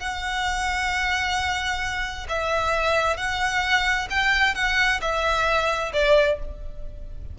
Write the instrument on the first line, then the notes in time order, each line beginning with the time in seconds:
violin
0.00 F#5
2.29 E5
3.17 F#5
4.11 G5
4.55 F#5
5.02 E5
5.94 D5